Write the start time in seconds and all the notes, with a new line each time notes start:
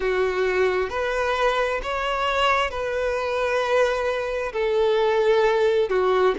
0.00 F#4
0.89 B4
1.82 C#5
2.70 B4
4.52 A4
5.89 F#4